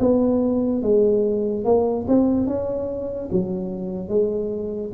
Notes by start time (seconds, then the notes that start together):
0.00 B3
0.82 G#3
1.64 A#3
2.08 C4
2.47 C#4
3.32 F#3
4.09 G#3